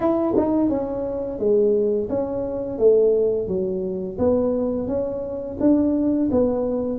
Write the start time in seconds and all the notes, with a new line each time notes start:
0.00 E4
0.36 D#4
0.69 C#4
1.39 G#3
2.09 C#4
2.78 A3
3.47 F#3
4.18 B3
4.87 C#4
5.59 D4
6.31 B3